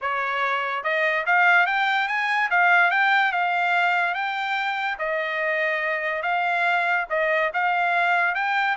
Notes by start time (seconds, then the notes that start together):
0.01 C#5
0.83 D#5
1.25 F5
1.66 G5
2.07 G#5
2.50 F5
2.90 G5
3.32 F5
4.14 G5
4.98 D#5
6.22 F5
7.09 D#5
7.53 F5
8.34 G5